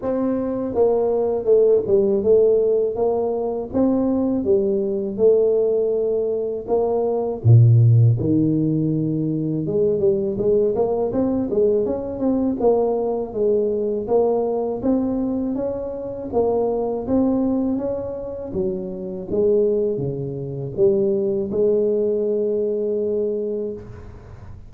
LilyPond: \new Staff \with { instrumentName = "tuba" } { \time 4/4 \tempo 4 = 81 c'4 ais4 a8 g8 a4 | ais4 c'4 g4 a4~ | a4 ais4 ais,4 dis4~ | dis4 gis8 g8 gis8 ais8 c'8 gis8 |
cis'8 c'8 ais4 gis4 ais4 | c'4 cis'4 ais4 c'4 | cis'4 fis4 gis4 cis4 | g4 gis2. | }